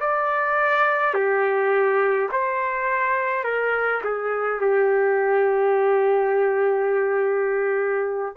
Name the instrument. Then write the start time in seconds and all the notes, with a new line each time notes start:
trumpet
0.00 D5
1.13 G4
2.31 C5
3.44 A#4
4.04 G#4
4.60 G4